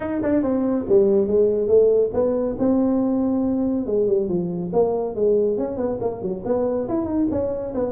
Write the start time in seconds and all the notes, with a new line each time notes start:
0.00 D#4
0.23 D4
0.42 C4
0.89 G3
1.27 G#3
1.67 A3
2.13 B3
2.58 C4
3.86 G#3
4.07 G3
4.29 F3
4.73 A#3
5.15 G#3
5.57 C#4
5.76 B3
6.00 A#3
6.22 F#3
6.45 B3
6.88 E4
7.05 D#4
7.31 C#4
7.74 B3